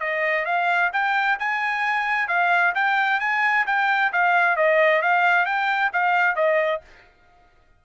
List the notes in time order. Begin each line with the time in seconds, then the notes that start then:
0.00 D#5
0.45 F5
0.93 G5
1.39 G#5
2.28 F5
2.75 G5
3.20 G#5
3.66 G5
4.12 F5
4.56 D#5
5.02 F5
5.45 G5
5.93 F5
6.36 D#5